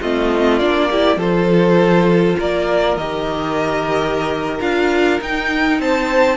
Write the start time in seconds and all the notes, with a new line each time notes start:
0.00 A3 C4 F4 D#5
0.59 A#3 D4 D5
0.91 E4 G4
1.17 F3 F4 A4 C5
2.39 A#3 A#4 D5
2.97 D#3 G4 D#5
4.61 D4 F4 F5
5.20 D#4 G5
5.79 C4 C5 A5